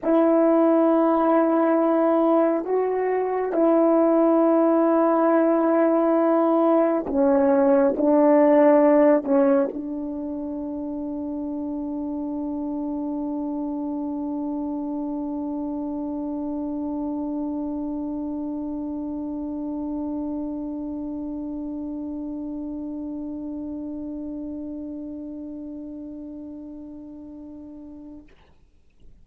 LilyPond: \new Staff \with { instrumentName = "horn" } { \time 4/4 \tempo 4 = 68 e'2. fis'4 | e'1 | cis'4 d'4. cis'8 d'4~ | d'1~ |
d'1~ | d'1~ | d'1~ | d'1 | }